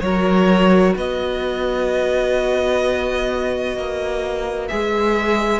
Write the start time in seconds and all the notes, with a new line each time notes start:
0.00 F#3 F#4 A#4 C#5
0.95 B3 B4 D#5
3.76 A#3
4.68 G#3 G#4 E5